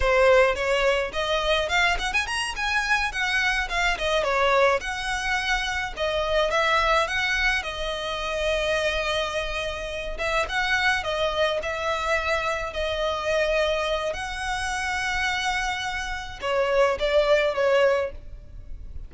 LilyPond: \new Staff \with { instrumentName = "violin" } { \time 4/4 \tempo 4 = 106 c''4 cis''4 dis''4 f''8 fis''16 gis''16 | ais''8 gis''4 fis''4 f''8 dis''8 cis''8~ | cis''8 fis''2 dis''4 e''8~ | e''8 fis''4 dis''2~ dis''8~ |
dis''2 e''8 fis''4 dis''8~ | dis''8 e''2 dis''4.~ | dis''4 fis''2.~ | fis''4 cis''4 d''4 cis''4 | }